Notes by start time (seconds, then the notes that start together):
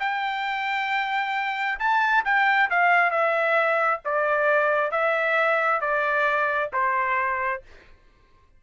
0.00 G5
1.79 A5
2.25 G5
2.70 F5
3.11 E5
4.05 D5
4.92 E5
5.81 D5
6.73 C5